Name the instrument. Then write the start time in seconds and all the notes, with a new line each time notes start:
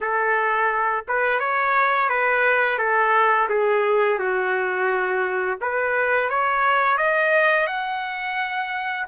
trumpet
0.00 A4
1.08 B4
1.39 C#5
2.09 B4
2.78 A4
3.49 G#4
4.19 F#4
5.61 B4
6.29 C#5
6.97 D#5
7.66 F#5